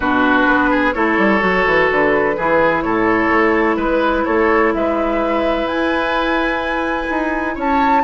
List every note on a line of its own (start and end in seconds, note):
0.00 0.46 B2
0.00 0.94 D4
0.00 0.70 F#4
0.00 0.92 B4
0.46 0.93 B3
0.70 0.94 G#4
0.92 1.17 A3
0.92 1.39 E4
0.92 2.36 A4
0.92 1.87 C#5
1.17 1.41 G3
1.39 1.65 F#3
1.39 2.34 F#4
1.66 1.89 E3
1.91 2.37 D3
1.91 2.82 B4
2.36 2.83 E3
2.36 8.03 E4
2.36 2.84 G#4
2.82 3.29 A2
2.82 3.76 A4
2.82 3.76 C#5
3.29 3.76 A3
3.76 4.23 G#3
3.76 4.23 B4
3.76 4.25 B4
4.25 4.74 A3
4.25 4.72 A4
4.25 4.72 C#5
4.73 5.65 G#3
4.73 7.55 B4
4.73 5.67 E5
5.65 7.07 E4
5.65 7.56 G#5
7.09 7.56 D#4
7.55 8.03 C#4
7.55 8.02 C#5
7.55 8.03 A5